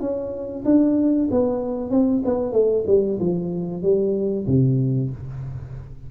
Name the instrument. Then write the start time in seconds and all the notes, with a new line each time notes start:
tuba
0.00 C#4
0.65 D4
1.31 B3
1.90 C4
2.25 B3
2.52 A3
2.87 G3
3.19 F3
3.82 G3
4.47 C3